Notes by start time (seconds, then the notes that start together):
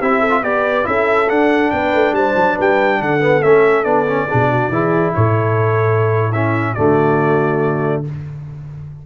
0.00 C4 E4 G4 E5
0.21 A4
0.30 F4
0.42 B3 G4 B4 D5
0.84 C#4 E4 A4 E5
1.29 D4 F#5
1.71 B3 B4 G5
1.94 A3
2.12 G3 C5 A5
2.36 F#3
2.55 G3 B4
2.61 G5
3.00 D3 A4 F#5
3.21 B3
3.42 A3 C#4 E5
3.84 B3 D4 D5
4.07 C#4
4.29 B2 D4 G#4
4.52 F#4
4.69 E3 E4 G#4
5.15 A2 A4 C#5
6.31 C#4 E4 E5
6.75 D3 A3 F#4 D5